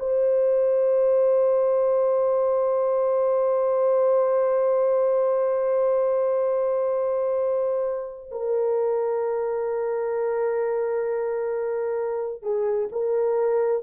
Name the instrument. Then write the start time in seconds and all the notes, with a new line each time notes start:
horn
0.00 C5
8.32 A#4
12.43 G#4
12.92 A#4